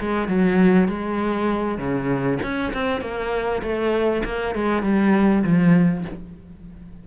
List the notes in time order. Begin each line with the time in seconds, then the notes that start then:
0.00 G#3
0.28 F#3
0.88 G#3
1.78 C#3
2.42 C#4
2.73 C4
3.01 A#3
3.62 A3
4.25 A#3
4.55 G#3
4.83 G3
5.44 F3